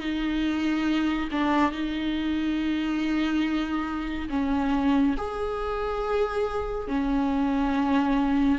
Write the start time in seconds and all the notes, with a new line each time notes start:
0.00 D#4
1.31 D4
1.71 D#4
4.29 C#4
5.17 G#4
6.88 C#4